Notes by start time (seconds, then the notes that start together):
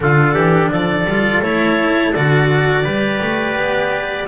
0.00 D3 D4 F4 A4
0.34 E3 G4
0.70 F3 A4 D5
1.04 G3 F4
1.42 A3 E4 C#5
2.13 D3 F#4 D5
2.83 G3 G4 B4
3.22 A3
3.56 B3